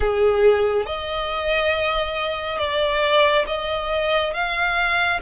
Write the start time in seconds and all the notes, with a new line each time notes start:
0.00 G#4
0.86 D#5
2.58 D5
3.46 D#5
4.33 F5